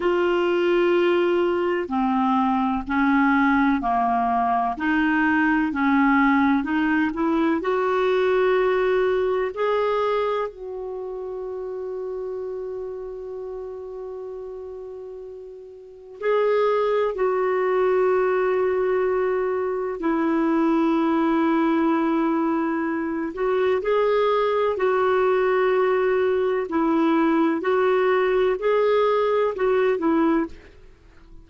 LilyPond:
\new Staff \with { instrumentName = "clarinet" } { \time 4/4 \tempo 4 = 63 f'2 c'4 cis'4 | ais4 dis'4 cis'4 dis'8 e'8 | fis'2 gis'4 fis'4~ | fis'1~ |
fis'4 gis'4 fis'2~ | fis'4 e'2.~ | e'8 fis'8 gis'4 fis'2 | e'4 fis'4 gis'4 fis'8 e'8 | }